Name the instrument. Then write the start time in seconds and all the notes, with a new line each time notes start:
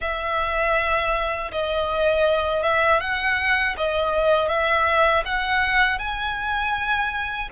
violin
0.01 E5
1.51 D#5
2.62 E5
3.00 F#5
3.77 D#5
4.48 E5
5.25 F#5
5.98 G#5